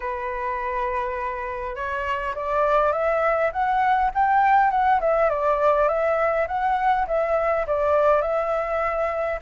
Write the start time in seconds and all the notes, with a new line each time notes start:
0.00 B4
1.75 C#5
2.35 D5
2.92 E5
3.52 F#5
4.14 G5
4.70 F#5
5.00 E5
5.29 D5
5.88 E5
6.47 F#5
7.07 E5
7.66 D5
8.21 E5